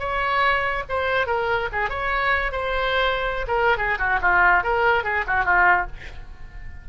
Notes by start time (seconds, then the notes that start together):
0.00 C#5
0.90 C5
1.27 A#4
1.73 G#4
1.90 C#5
2.53 C5
3.48 A#4
3.78 G#4
3.99 F#4
4.22 F4
4.64 A#4
5.04 G#4
5.27 F#4
5.45 F4